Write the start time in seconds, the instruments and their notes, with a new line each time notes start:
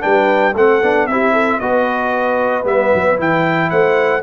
0.00 tuba G3, trombone D4, horn B4, trumpet G5
0.54 tuba A3, trombone C4, horn A4, trumpet F#5
0.82 tuba B3, trombone D4
1.07 tuba C4, trombone E4, horn G4, trumpet E5
1.32 horn A4
1.60 tuba B3, trombone F#4, horn B4, trumpet D#5
2.64 tuba G3, trombone B3, trumpet E5
2.94 tuba F#3
3.17 tuba E3, trombone E4, trumpet G5
3.70 tuba A3, horn C5, trumpet F#5